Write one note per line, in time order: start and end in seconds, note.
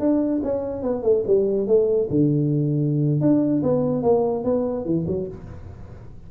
0.00 0.41 D4
0.44 0.83 C#4
0.83 1.03 B3
1.03 1.24 A3
1.27 1.68 G3
1.68 2.09 A3
2.10 3.21 D3
3.21 3.62 D4
3.63 4.03 B3
4.03 4.44 A#3
4.44 4.85 B3
4.85 5.06 E3
5.07 5.28 F#3